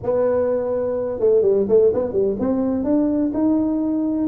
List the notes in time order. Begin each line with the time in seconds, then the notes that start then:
0.03 B3
1.19 A3
1.42 G3
1.68 A3
1.93 B3
2.12 G3
2.39 C4
2.83 D4
3.33 D#4